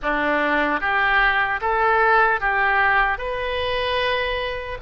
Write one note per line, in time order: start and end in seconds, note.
0.02 0.80 D4
0.80 1.60 G4
1.61 2.40 A4
2.40 3.18 G4
3.18 4.78 B4